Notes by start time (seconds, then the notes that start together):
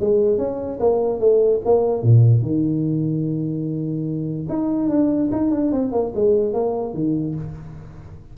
0.00 G#3
0.38 C#4
0.80 A#3
1.19 A3
1.65 A#3
2.02 A#2
2.41 D#3
4.49 D#4
4.89 D4
5.32 D#4
5.51 D4
5.72 C4
5.92 A#3
6.15 G#3
6.53 A#3
6.94 D#3